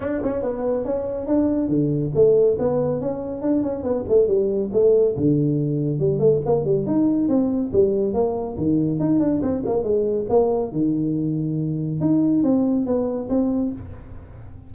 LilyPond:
\new Staff \with { instrumentName = "tuba" } { \time 4/4 \tempo 4 = 140 d'8 cis'8 b4 cis'4 d'4 | d4 a4 b4 cis'4 | d'8 cis'8 b8 a8 g4 a4 | d2 g8 a8 ais8 g8 |
dis'4 c'4 g4 ais4 | dis4 dis'8 d'8 c'8 ais8 gis4 | ais4 dis2. | dis'4 c'4 b4 c'4 | }